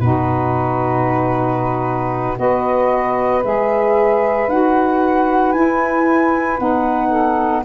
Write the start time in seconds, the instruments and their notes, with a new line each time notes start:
0.00 tuba B2, saxophone D#4 F#4, flute B4
2.36 tuba B3, saxophone F#4 B4, flute D#5
3.43 tuba G#3, saxophone G#4, flute E5
4.48 tuba D#4, saxophone F#4, flute F#5
5.52 tuba E4, saxophone E4, flute G#5
6.58 tuba B3, saxophone D#4, flute F#5
7.09 saxophone A4